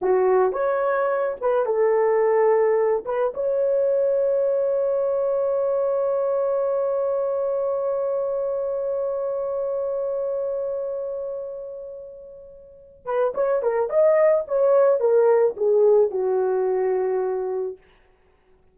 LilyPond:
\new Staff \with { instrumentName = "horn" } { \time 4/4 \tempo 4 = 108 fis'4 cis''4. b'8 a'4~ | a'4. b'8 cis''2~ | cis''1~ | cis''1~ |
cis''1~ | cis''2.~ cis''8 b'8 | cis''8 ais'8 dis''4 cis''4 ais'4 | gis'4 fis'2. | }